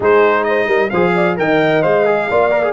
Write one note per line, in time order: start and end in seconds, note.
0.00 0.67 G#3
0.00 0.90 D#4
0.00 0.44 G#4
0.00 0.44 C5
0.44 0.67 C5
0.44 0.89 D#5
0.67 0.90 G3
0.67 0.90 A#4
0.90 1.38 F3
0.90 1.36 G#4
0.90 1.14 C5
0.90 1.35 F5
1.15 1.37 D5
1.36 1.84 D#3
1.36 1.82 A#4
1.36 2.28 D#5
1.36 1.82 G5
1.82 2.29 G#3
1.82 2.05 C5
1.82 2.72 F5
2.05 2.28 G#4
2.28 2.72 A#3
2.28 2.50 F4
2.28 2.72 D5
2.50 2.62 A#4
2.63 2.72 G#4